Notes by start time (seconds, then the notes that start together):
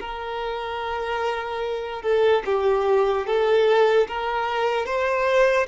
0.00 A#4
2.02 A4
2.45 G4
3.26 A4
4.08 A#4
4.85 C5